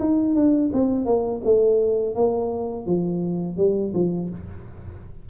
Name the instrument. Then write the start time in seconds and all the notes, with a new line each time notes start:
tuba
0.00 D#4
0.35 D4
0.73 C4
1.06 A#3
1.44 A3
2.15 A#3
2.86 F3
3.57 G3
3.94 F3